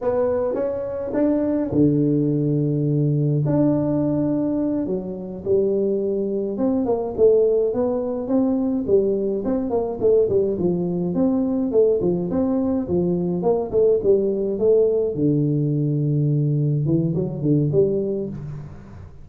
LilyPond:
\new Staff \with { instrumentName = "tuba" } { \time 4/4 \tempo 4 = 105 b4 cis'4 d'4 d4~ | d2 d'2~ | d'8 fis4 g2 c'8 | ais8 a4 b4 c'4 g8~ |
g8 c'8 ais8 a8 g8 f4 c'8~ | c'8 a8 f8 c'4 f4 ais8 | a8 g4 a4 d4.~ | d4. e8 fis8 d8 g4 | }